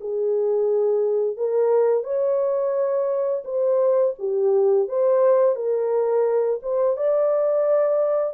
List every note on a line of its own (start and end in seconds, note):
0.00 1.36 G#4
1.36 2.03 A#4
2.03 3.43 C#5
3.44 4.14 C5
4.19 4.88 G4
4.88 5.55 C5
5.55 6.60 A#4
6.62 6.96 C5
6.96 8.33 D5